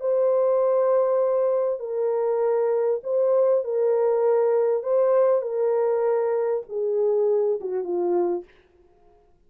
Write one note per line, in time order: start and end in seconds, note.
0.00 1.79 C5
1.79 3.01 A#4
3.04 3.64 C5
3.64 4.83 A#4
4.83 5.42 C5
5.42 6.63 A#4
6.69 7.60 G#4
7.61 7.84 F#4
7.84 8.44 F4